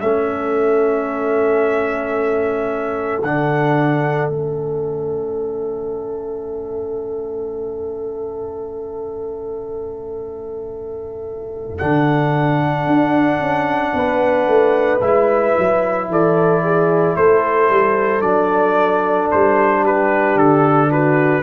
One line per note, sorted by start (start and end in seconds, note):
0.00 3.23 A3
0.00 3.23 C#4
0.00 13.95 A4
0.00 3.21 E5
3.23 4.29 D3
3.23 4.31 D4
3.23 4.29 F#5
4.29 11.79 A3
4.29 11.79 C#4
4.29 11.78 E5
11.78 12.86 D3
11.78 15.01 D4
11.78 15.00 F#5
12.86 13.40 D4
13.40 13.93 C#4
13.94 14.47 B3
13.94 16.10 B4
14.48 15.01 A3
15.01 15.55 G#3
15.01 18.21 E4
15.01 16.08 E5
15.58 16.08 F#3
16.08 17.16 E3
16.08 16.64 A4
16.08 17.17 D5
16.64 17.17 G#4
17.17 17.70 A3
17.17 19.83 A4
17.17 18.21 C5
17.70 18.21 G3
18.21 19.29 F#3
18.21 21.43 D4
18.21 19.28 D5
19.31 20.36 G3
19.31 19.85 C5
19.83 20.90 G4
19.83 20.38 B4
20.36 21.43 D3
20.36 20.92 A4
20.91 21.44 F#4
20.91 21.44 B4